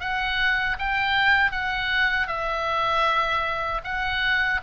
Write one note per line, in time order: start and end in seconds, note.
0.00 0.77 F#5
0.79 1.52 G5
1.52 2.28 F#5
2.28 3.81 E5
3.84 4.61 F#5